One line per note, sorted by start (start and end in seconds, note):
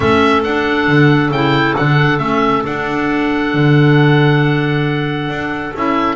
0.00 0.43 A3
0.00 0.44 C#4
0.00 6.16 A4
0.00 0.42 E5
0.43 0.87 D4
0.43 1.34 D4
0.43 1.31 F#5
0.87 1.31 D3
1.31 1.75 C#3
1.31 1.77 E4
1.31 1.75 G5
1.76 2.18 D3
1.76 2.19 D4
1.76 2.18 F#5
2.18 2.62 A3
2.18 2.63 C#4
2.18 2.62 E5
2.65 5.73 D4
2.65 3.53 D4
2.65 5.74 F#5
3.53 5.28 D3
5.28 5.73 D4
5.75 6.16 C#4
5.75 6.16 E4
5.75 6.16 E5